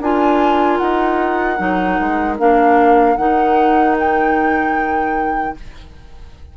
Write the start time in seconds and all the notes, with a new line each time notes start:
0.00 D4 F4 A#4 G#5
0.78 D#4 F#5
1.57 F#3 D#4
2.00 G#3
2.38 A#3 D4 F5
3.16 D#3 D#4 F#5
3.99 G5